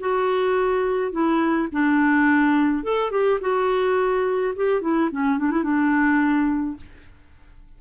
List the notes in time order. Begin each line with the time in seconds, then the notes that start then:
0.00 F#4
1.12 E4
1.72 D4
2.84 A4
3.11 G4
3.41 F#4
4.56 G4
4.82 E4
5.12 C#4
5.39 D4
5.51 E4
5.63 D4